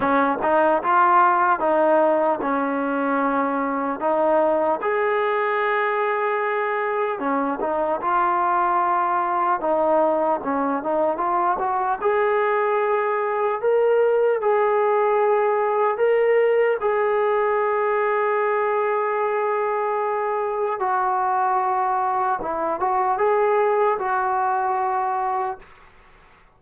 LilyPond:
\new Staff \with { instrumentName = "trombone" } { \time 4/4 \tempo 4 = 75 cis'8 dis'8 f'4 dis'4 cis'4~ | cis'4 dis'4 gis'2~ | gis'4 cis'8 dis'8 f'2 | dis'4 cis'8 dis'8 f'8 fis'8 gis'4~ |
gis'4 ais'4 gis'2 | ais'4 gis'2.~ | gis'2 fis'2 | e'8 fis'8 gis'4 fis'2 | }